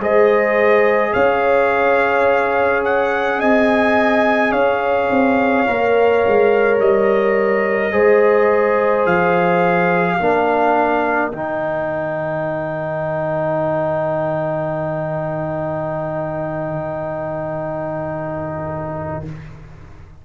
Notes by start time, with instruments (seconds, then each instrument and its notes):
0.00 tuba G#3, trombone G#4, horn C5, trumpet D#5
1.13 tuba C#4, horn C#5, trumpet F5
2.84 trumpet F#5
3.39 tuba C4, horn D#5, trumpet G#5
4.51 tuba C#4, horn C#5, trumpet F5
5.09 tuba C4
5.66 tuba A#3, trombone A#4
6.27 tuba G#3
6.79 tuba G3, trumpet D#5
7.92 tuba G#3, trombone G#4, horn C5
9.05 tuba F3, trumpet F5
10.16 tuba A#3, trombone D4, horn A#4
11.31 tuba D#3, trombone D#4, trumpet G5